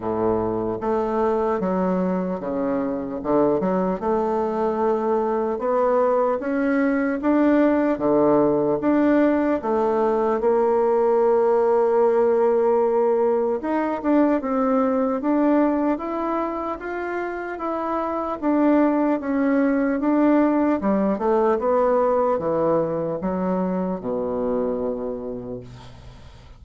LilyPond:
\new Staff \with { instrumentName = "bassoon" } { \time 4/4 \tempo 4 = 75 a,4 a4 fis4 cis4 | d8 fis8 a2 b4 | cis'4 d'4 d4 d'4 | a4 ais2.~ |
ais4 dis'8 d'8 c'4 d'4 | e'4 f'4 e'4 d'4 | cis'4 d'4 g8 a8 b4 | e4 fis4 b,2 | }